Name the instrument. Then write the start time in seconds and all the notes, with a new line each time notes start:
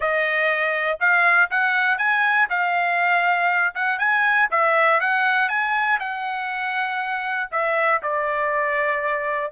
trumpet
0.00 D#5
1.00 F5
1.50 F#5
1.97 G#5
2.49 F5
3.75 F#5
3.98 G#5
4.50 E5
5.00 F#5
5.49 G#5
5.99 F#5
7.51 E5
8.02 D5